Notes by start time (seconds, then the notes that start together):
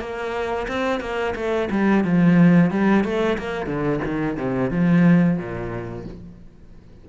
0.00 A#3
0.68 C4
1.01 A#3
1.35 A3
1.71 G3
2.04 F3
2.71 G3
3.04 A3
3.39 A#3
3.66 D3
4.05 D#3
4.38 C3
4.71 F3
5.38 A#2